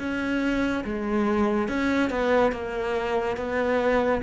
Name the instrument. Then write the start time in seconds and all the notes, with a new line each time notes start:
cello
0.00 C#4
0.85 G#3
1.69 C#4
2.10 B3
2.53 A#3
3.37 B3